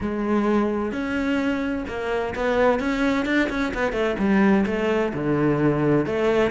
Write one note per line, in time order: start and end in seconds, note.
0.01 0.92 G#3
0.92 1.85 C#4
1.88 2.34 A#3
2.35 2.79 B3
2.79 3.25 C#4
3.25 3.49 D4
3.49 3.72 C#4
3.74 3.92 B3
3.92 4.15 A3
4.18 4.65 G3
4.66 5.12 A3
5.13 6.05 D3
6.05 6.50 A3